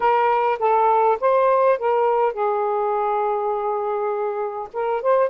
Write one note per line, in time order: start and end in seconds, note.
0.00 0.58 A#4
0.59 1.18 A4
1.20 1.78 C5
1.78 2.33 A#4
2.33 4.68 G#4
4.73 5.02 A#4
5.02 5.29 C5